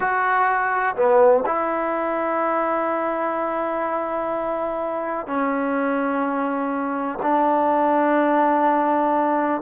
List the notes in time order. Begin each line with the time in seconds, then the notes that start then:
0.00 F#4
0.96 B3
1.46 E4
5.26 C#4
7.22 D4